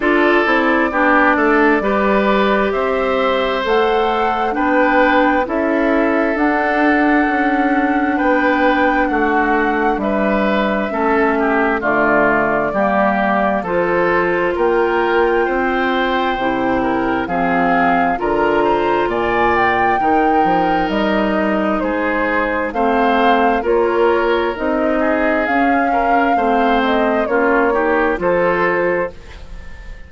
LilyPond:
<<
  \new Staff \with { instrumentName = "flute" } { \time 4/4 \tempo 4 = 66 d''2. e''4 | fis''4 g''4 e''4 fis''4~ | fis''4 g''4 fis''4 e''4~ | e''4 d''2 c''4 |
g''2. f''4 | ais''4 gis''8 g''4. dis''4 | c''4 f''4 cis''4 dis''4 | f''4. dis''8 cis''4 c''4 | }
  \new Staff \with { instrumentName = "oboe" } { \time 4/4 a'4 g'8 a'8 b'4 c''4~ | c''4 b'4 a'2~ | a'4 b'4 fis'4 b'4 | a'8 g'8 f'4 g'4 a'4 |
ais'4 c''4. ais'8 gis'4 | ais'8 c''8 d''4 ais'2 | gis'4 c''4 ais'4. gis'8~ | gis'8 ais'8 c''4 f'8 g'8 a'4 | }
  \new Staff \with { instrumentName = "clarinet" } { \time 4/4 f'8 e'8 d'4 g'2 | a'4 d'4 e'4 d'4~ | d'1 | cis'4 a4 ais4 f'4~ |
f'2 e'4 c'4 | f'2 dis'2~ | dis'4 c'4 f'4 dis'4 | cis'4 c'4 cis'8 dis'8 f'4 | }
  \new Staff \with { instrumentName = "bassoon" } { \time 4/4 d'8 c'8 b8 a8 g4 c'4 | a4 b4 cis'4 d'4 | cis'4 b4 a4 g4 | a4 d4 g4 f4 |
ais4 c'4 c4 f4 | d4 ais,4 dis8 f8 g4 | gis4 a4 ais4 c'4 | cis'4 a4 ais4 f4 | }
>>